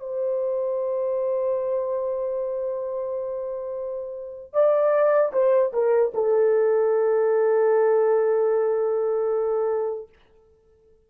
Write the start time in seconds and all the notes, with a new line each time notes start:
0.00 C5
4.53 D5
5.33 C5
5.73 A#4
6.14 A4